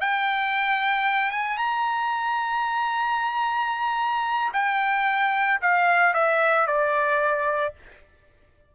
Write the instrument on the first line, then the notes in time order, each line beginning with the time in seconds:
trumpet
0.00 G5
1.31 G#5
1.57 A#5
4.53 G5
5.61 F5
6.13 E5
6.67 D5